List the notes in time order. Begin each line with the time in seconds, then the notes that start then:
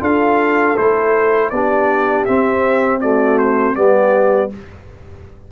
0.00 D4 F4 A4 F5
0.77 A3 E4 C5
1.50 B3 D4 G4 D5
2.25 C4 E5
3.01 A3 F#4 D5
3.39 C5
3.75 G3 B3 G4 D5